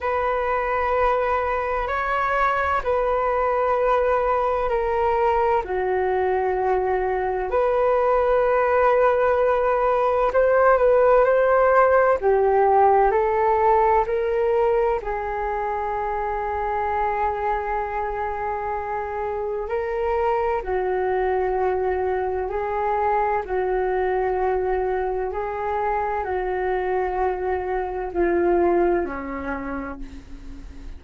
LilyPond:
\new Staff \with { instrumentName = "flute" } { \time 4/4 \tempo 4 = 64 b'2 cis''4 b'4~ | b'4 ais'4 fis'2 | b'2. c''8 b'8 | c''4 g'4 a'4 ais'4 |
gis'1~ | gis'4 ais'4 fis'2 | gis'4 fis'2 gis'4 | fis'2 f'4 cis'4 | }